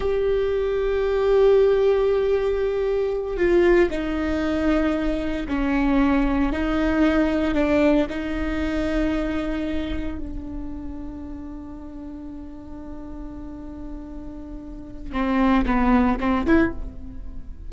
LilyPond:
\new Staff \with { instrumentName = "viola" } { \time 4/4 \tempo 4 = 115 g'1~ | g'2~ g'8 f'4 dis'8~ | dis'2~ dis'8 cis'4.~ | cis'8 dis'2 d'4 dis'8~ |
dis'2.~ dis'8 d'8~ | d'1~ | d'1~ | d'4 c'4 b4 c'8 e'8 | }